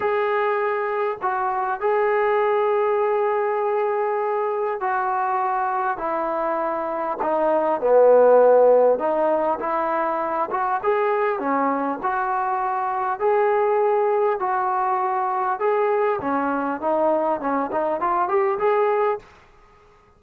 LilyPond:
\new Staff \with { instrumentName = "trombone" } { \time 4/4 \tempo 4 = 100 gis'2 fis'4 gis'4~ | gis'1 | fis'2 e'2 | dis'4 b2 dis'4 |
e'4. fis'8 gis'4 cis'4 | fis'2 gis'2 | fis'2 gis'4 cis'4 | dis'4 cis'8 dis'8 f'8 g'8 gis'4 | }